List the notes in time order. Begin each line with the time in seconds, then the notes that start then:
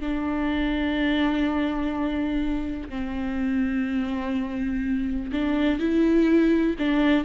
0.00 D4
2.89 C4
5.32 D4
5.79 E4
6.79 D4